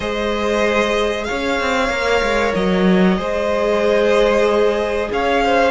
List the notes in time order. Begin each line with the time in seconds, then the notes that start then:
0.00 G#3 G#4 C5 D#5
1.24 C#5 F5
1.31 C#4
1.60 C4
1.89 A#3 A#4
2.21 G#3
2.55 F#3 D#5
3.16 G#3 G#4 C5
5.11 C#4 C#5 F5
5.44 C5